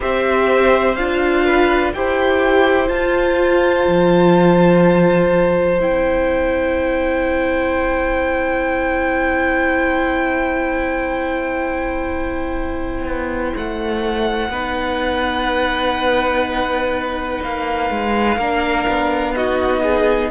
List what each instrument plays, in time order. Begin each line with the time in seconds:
0.00 cello C4, viola G4, violin C5 E5
0.95 cello D4, viola F4, violin F5
1.45 violin B4
1.93 cello E4, viola G4, violin C5 G5
2.87 viola F4, cello F4, violin A5
3.87 cello F3
5.79 cello C4, viola E4, violin G5
13.04 cello B3
13.55 cello A3, violin F#5
14.49 cello B3, viola D#4, violin B4
17.43 cello A#3, violin F5
17.90 cello G#3
18.37 cello A#3, viola D4, violin A#4
18.88 cello B3
19.33 viola D#4, violin F#4 D#5
19.82 violin G#4